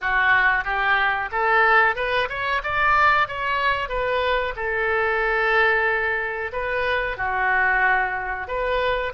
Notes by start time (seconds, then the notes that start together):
0.01 F#4
0.64 G4
1.31 A4
1.95 B4
2.29 C#5
2.63 D5
3.28 C#5
3.88 B4
4.56 A4
6.52 B4
7.17 F#4
8.47 B4